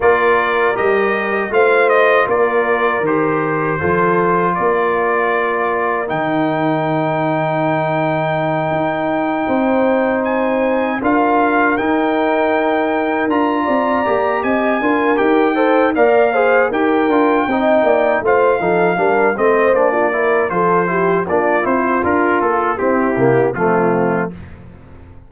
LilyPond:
<<
  \new Staff \with { instrumentName = "trumpet" } { \time 4/4 \tempo 4 = 79 d''4 dis''4 f''8 dis''8 d''4 | c''2 d''2 | g''1~ | g''4. gis''4 f''4 g''8~ |
g''4. ais''4. gis''4 | g''4 f''4 g''2 | f''4. dis''8 d''4 c''4 | d''8 c''8 ais'8 a'8 g'4 f'4 | }
  \new Staff \with { instrumentName = "horn" } { \time 4/4 ais'2 c''4 ais'4~ | ais'4 a'4 ais'2~ | ais'1~ | ais'8 c''2 ais'4.~ |
ais'2 d''4 dis''8 ais'8~ | ais'8 c''8 d''8 c''8 ais'4 dis''8 d''8 | c''8 a'8 ais'8 c''8. f'16 ais'8 a'8 g'8 | f'2 e'4 c'4 | }
  \new Staff \with { instrumentName = "trombone" } { \time 4/4 f'4 g'4 f'2 | g'4 f'2. | dis'1~ | dis'2~ dis'8 f'4 dis'8~ |
dis'4. f'4 g'4 f'8 | g'8 a'8 ais'8 gis'8 g'8 f'8 dis'4 | f'8 dis'8 d'8 c'8 d'8 e'8 f'8 e'8 | d'8 e'8 f'4 c'8 ais8 a4 | }
  \new Staff \with { instrumentName = "tuba" } { \time 4/4 ais4 g4 a4 ais4 | dis4 f4 ais2 | dis2.~ dis8 dis'8~ | dis'8 c'2 d'4 dis'8~ |
dis'4. d'8 c'8 ais8 c'8 d'8 | dis'4 ais4 dis'8 d'8 c'8 ais8 | a8 f8 g8 a8 ais4 f4 | ais8 c'8 d'8 ais8 c'8 c8 f4 | }
>>